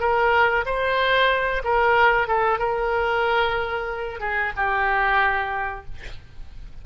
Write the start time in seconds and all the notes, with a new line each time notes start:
0.00 A#4
0.65 C5
1.64 A#4
2.27 A4
2.59 A#4
4.20 G#4
4.56 G4